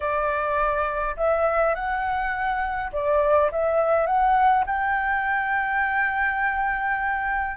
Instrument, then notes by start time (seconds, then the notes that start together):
flute
0.00 D5
1.16 E5
1.74 F#5
2.92 D5
3.51 E5
4.06 F#5
4.66 G5